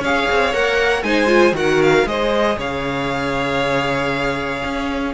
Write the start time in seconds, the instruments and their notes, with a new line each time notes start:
0.00 cello C#4, viola G#4, violin C#5 F5
0.31 cello C4
0.53 cello A#3, viola A#4, violin F#5
1.03 cello G#3, viola D#4, violin C5 G#5
1.27 viola F4
1.53 cello D#3, viola F#4, violin A#4 F#5
1.83 violin F5
2.06 cello G#3, viola G#4, violin C5 D#5
2.58 cello C#3, violin C#5 F5
4.65 cello C#4